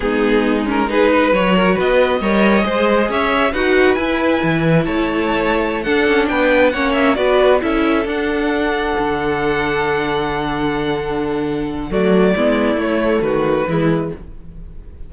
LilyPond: <<
  \new Staff \with { instrumentName = "violin" } { \time 4/4 \tempo 4 = 136 gis'4. ais'8 b'4 cis''4 | dis''2. e''4 | fis''4 gis''2 a''4~ | a''4~ a''16 fis''4 g''4 fis''8 e''16~ |
e''16 d''4 e''4 fis''4.~ fis''16~ | fis''1~ | fis''2. d''4~ | d''4 cis''4 b'2 | }
  \new Staff \with { instrumentName = "violin" } { \time 4/4 dis'2 gis'8 b'4 ais'8 | b'4 cis''4 c''4 cis''4 | b'2. cis''4~ | cis''4~ cis''16 a'4 b'4 cis''8.~ |
cis''16 b'4 a'2~ a'8.~ | a'1~ | a'2. fis'4 | e'2 fis'4 e'4 | }
  \new Staff \with { instrumentName = "viola" } { \time 4/4 b4. cis'8 dis'4 fis'4~ | fis'4 ais'4 gis'2 | fis'4 e'2.~ | e'4~ e'16 d'2 cis'8.~ |
cis'16 fis'4 e'4 d'4.~ d'16~ | d'1~ | d'2. a4 | b4 a2 gis4 | }
  \new Staff \with { instrumentName = "cello" } { \time 4/4 gis2. fis4 | b4 g4 gis4 cis'4 | dis'4 e'4 e4 a4~ | a4~ a16 d'8 cis'8 b4 ais8.~ |
ais16 b4 cis'4 d'4.~ d'16~ | d'16 d2.~ d8.~ | d2. fis4 | gis4 a4 dis4 e4 | }
>>